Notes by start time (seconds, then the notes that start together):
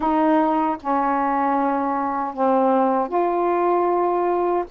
0.00 D#4
0.80 C#4
2.33 C4
3.08 F4